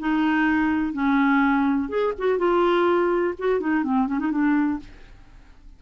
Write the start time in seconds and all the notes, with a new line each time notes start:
0.00 D#4
0.93 C#4
1.89 G#4
2.19 F#4
2.38 F4
3.39 F#4
3.61 D#4
3.84 C4
4.08 C#4
4.20 D#4
4.32 D4